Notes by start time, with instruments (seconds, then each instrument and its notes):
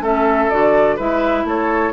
0.00 bassoon A3, clarinet C#4, oboe A4, flute E5
0.49 bassoon D3, clarinet F#4, flute D5
0.96 bassoon G#3, clarinet E4, oboe B4, flute E5
1.44 bassoon A3, oboe A4, flute C#5